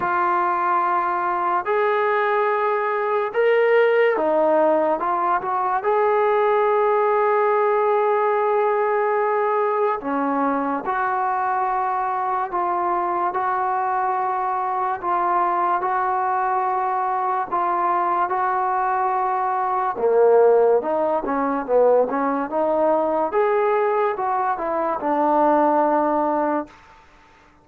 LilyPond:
\new Staff \with { instrumentName = "trombone" } { \time 4/4 \tempo 4 = 72 f'2 gis'2 | ais'4 dis'4 f'8 fis'8 gis'4~ | gis'1 | cis'4 fis'2 f'4 |
fis'2 f'4 fis'4~ | fis'4 f'4 fis'2 | ais4 dis'8 cis'8 b8 cis'8 dis'4 | gis'4 fis'8 e'8 d'2 | }